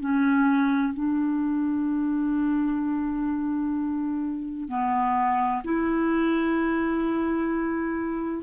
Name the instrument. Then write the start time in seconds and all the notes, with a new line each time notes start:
clarinet
0.00 C#4
0.93 D4
4.68 B3
5.64 E4